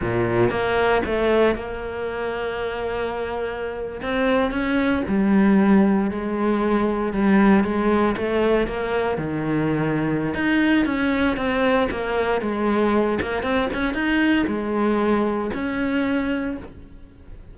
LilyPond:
\new Staff \with { instrumentName = "cello" } { \time 4/4 \tempo 4 = 116 ais,4 ais4 a4 ais4~ | ais2.~ ais8. c'16~ | c'8. cis'4 g2 gis16~ | gis4.~ gis16 g4 gis4 a16~ |
a8. ais4 dis2~ dis16 | dis'4 cis'4 c'4 ais4 | gis4. ais8 c'8 cis'8 dis'4 | gis2 cis'2 | }